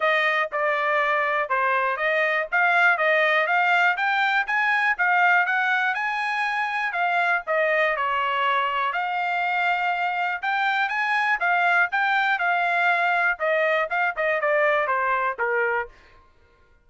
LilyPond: \new Staff \with { instrumentName = "trumpet" } { \time 4/4 \tempo 4 = 121 dis''4 d''2 c''4 | dis''4 f''4 dis''4 f''4 | g''4 gis''4 f''4 fis''4 | gis''2 f''4 dis''4 |
cis''2 f''2~ | f''4 g''4 gis''4 f''4 | g''4 f''2 dis''4 | f''8 dis''8 d''4 c''4 ais'4 | }